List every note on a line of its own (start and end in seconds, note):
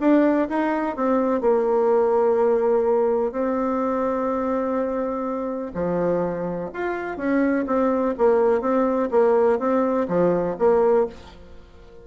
0.00 0.48 D4
0.49 0.96 D#4
0.96 1.41 C4
1.41 3.32 A#3
3.32 5.72 C4
5.74 6.70 F3
6.74 7.17 F4
7.17 7.65 C#4
7.66 8.14 C4
8.18 8.61 A#3
8.61 9.09 C4
9.11 9.59 A#3
9.59 10.07 C4
10.08 10.56 F3
10.59 11.07 A#3